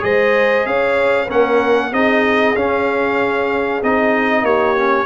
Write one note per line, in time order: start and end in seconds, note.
0.00 0.66 G#3
0.00 1.26 G#4
0.00 0.67 C5
0.00 0.66 D#5
0.66 1.29 C#4
0.66 1.26 C#5
0.66 1.29 F5
1.26 1.92 A#3
1.26 1.92 C#4
1.26 1.89 A#4
1.26 1.93 F#5
1.92 2.55 C4
1.92 2.55 D#4
1.92 4.44 G#4
1.92 2.56 D#5
2.55 3.82 C#4
2.55 3.82 F5
3.83 4.43 C4
3.83 4.77 D#4
3.83 4.45 D#5
4.43 5.06 A#3
4.43 5.06 G4
4.43 5.06 C#5
4.77 5.06 C#4